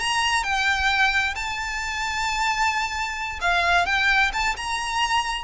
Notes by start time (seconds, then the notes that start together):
0.00 A#5
0.44 G5
1.35 A5
3.41 F5
3.86 G5
4.33 A5
4.57 A#5